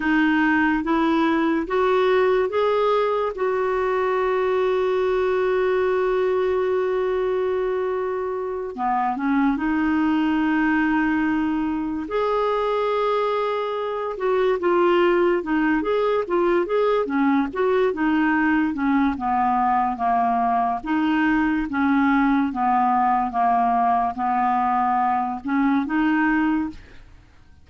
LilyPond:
\new Staff \with { instrumentName = "clarinet" } { \time 4/4 \tempo 4 = 72 dis'4 e'4 fis'4 gis'4 | fis'1~ | fis'2~ fis'8 b8 cis'8 dis'8~ | dis'2~ dis'8 gis'4.~ |
gis'4 fis'8 f'4 dis'8 gis'8 f'8 | gis'8 cis'8 fis'8 dis'4 cis'8 b4 | ais4 dis'4 cis'4 b4 | ais4 b4. cis'8 dis'4 | }